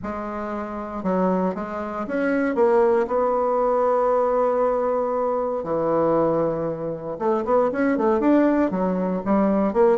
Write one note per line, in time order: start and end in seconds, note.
0.03 1.03 G#3
1.03 1.54 F#3
1.55 2.06 G#3
2.07 2.55 C#4
2.55 3.06 A#3
3.07 5.63 B3
5.63 7.17 E3
7.18 7.44 A3
7.44 7.70 B3
7.72 7.97 C#4
7.97 8.20 A3
8.20 8.70 D4
8.70 9.22 F#3
9.25 9.73 G3
9.73 9.97 A#3